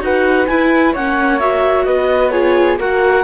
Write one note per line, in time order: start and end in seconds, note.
0.00 0.47 D#4
0.00 0.46 F#4
0.00 0.93 B4
0.00 0.47 F#5
0.47 0.95 E4
0.47 0.93 G#5
0.93 1.87 A#3
0.93 1.40 C#4
0.93 1.85 C#5
0.93 1.40 F#5
1.40 2.31 F#4
1.40 1.85 E5
1.85 2.79 B3
1.85 2.32 B4
1.85 2.30 D#5
2.30 2.78 F4
2.30 2.78 G#4
2.30 2.76 C#5
2.79 3.24 A#3
2.79 3.24 F#4
2.79 3.24 A#4
2.79 3.24 F#5